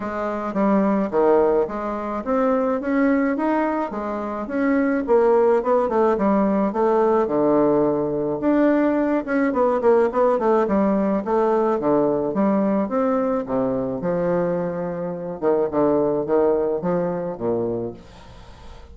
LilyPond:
\new Staff \with { instrumentName = "bassoon" } { \time 4/4 \tempo 4 = 107 gis4 g4 dis4 gis4 | c'4 cis'4 dis'4 gis4 | cis'4 ais4 b8 a8 g4 | a4 d2 d'4~ |
d'8 cis'8 b8 ais8 b8 a8 g4 | a4 d4 g4 c'4 | c4 f2~ f8 dis8 | d4 dis4 f4 ais,4 | }